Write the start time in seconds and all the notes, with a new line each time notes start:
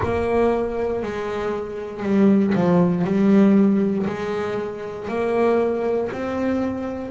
0.02 A#3
1.02 G#3
2.02 G3
2.54 F3
3.04 G3
4.06 G#3
5.08 A#3
6.12 C4